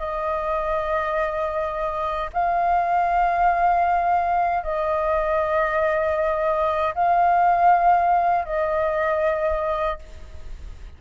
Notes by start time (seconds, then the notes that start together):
0.00 D#5
2.34 F5
4.64 D#5
6.95 F5
8.45 D#5